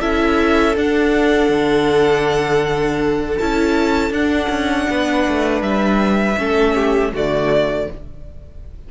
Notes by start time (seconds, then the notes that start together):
0.00 C#4 E4 A4 E5
0.76 D4 F#5
1.49 D3
3.38 C#4 E4 A5
4.10 D4 F#5
4.49 C#4
4.90 B3 B4
5.29 A3
5.61 G3 E5
6.37 A3 C#4 A4
6.75 G4
7.13 D3 A3 F#4 D5